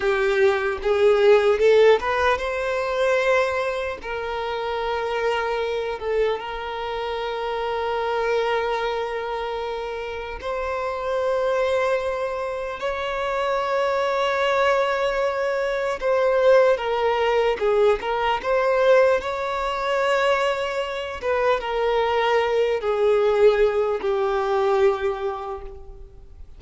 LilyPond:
\new Staff \with { instrumentName = "violin" } { \time 4/4 \tempo 4 = 75 g'4 gis'4 a'8 b'8 c''4~ | c''4 ais'2~ ais'8 a'8 | ais'1~ | ais'4 c''2. |
cis''1 | c''4 ais'4 gis'8 ais'8 c''4 | cis''2~ cis''8 b'8 ais'4~ | ais'8 gis'4. g'2 | }